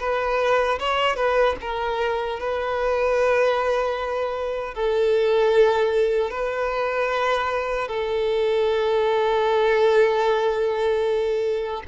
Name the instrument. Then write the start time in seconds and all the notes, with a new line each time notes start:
violin
0.00 B4
0.79 C#5
1.16 B4
1.61 A#4
2.40 B4
4.75 A4
6.31 B4
7.88 A4